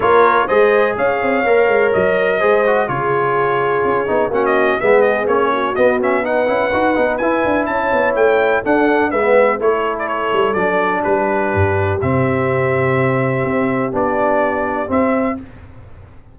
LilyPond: <<
  \new Staff \with { instrumentName = "trumpet" } { \time 4/4 \tempo 4 = 125 cis''4 dis''4 f''2 | dis''2 cis''2~ | cis''4 fis''16 dis''8. e''8 dis''8 cis''4 | dis''8 e''8 fis''2 gis''4 |
a''4 g''4 fis''4 e''4 | cis''8. d''16 cis''4 d''4 b'4~ | b'4 e''2.~ | e''4 d''2 e''4 | }
  \new Staff \with { instrumentName = "horn" } { \time 4/4 ais'4 c''4 cis''2~ | cis''4 c''4 gis'2~ | gis'4 fis'4 gis'4. fis'8~ | fis'4 b'2. |
cis''2 a'4 b'4 | a'2. g'4~ | g'1~ | g'1 | }
  \new Staff \with { instrumentName = "trombone" } { \time 4/4 f'4 gis'2 ais'4~ | ais'4 gis'8 fis'8 f'2~ | f'8 dis'8 cis'4 b4 cis'4 | b8 cis'8 dis'8 e'8 fis'8 dis'8 e'4~ |
e'2 d'4 b4 | e'2 d'2~ | d'4 c'2.~ | c'4 d'2 c'4 | }
  \new Staff \with { instrumentName = "tuba" } { \time 4/4 ais4 gis4 cis'8 c'8 ais8 gis8 | fis4 gis4 cis2 | cis'8 b8 ais4 gis4 ais4 | b4. cis'8 dis'8 b8 e'8 d'8 |
cis'8 b8 a4 d'4 gis4 | a4. g8 fis4 g4 | g,4 c2. | c'4 b2 c'4 | }
>>